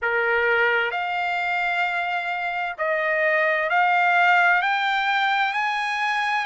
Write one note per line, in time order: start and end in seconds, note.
0.02 0.91 A#4
0.91 2.76 F5
2.77 3.69 D#5
3.69 4.62 F5
4.62 5.53 G5
5.53 6.45 G#5